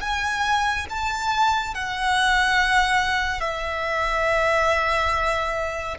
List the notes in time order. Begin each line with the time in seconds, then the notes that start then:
0.00 G#5
0.89 A5
1.74 F#5
3.40 E5